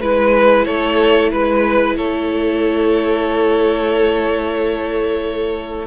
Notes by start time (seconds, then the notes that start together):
0.00 G#3 E4 B4
0.65 A3 A4 C#5
1.31 G#3 B4
1.97 A3 A4 C#5